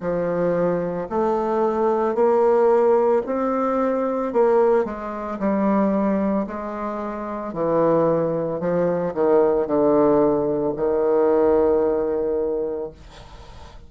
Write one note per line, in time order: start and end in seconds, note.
0.00 1.08 F3
1.10 2.15 A3
2.15 3.22 A#3
3.26 4.32 C4
4.32 4.85 A#3
4.85 5.38 G#3
5.39 6.46 G3
6.46 7.53 G#3
7.53 8.60 E3
8.60 9.13 F3
9.14 9.66 D#3
9.66 10.73 D3
10.76 12.91 D#3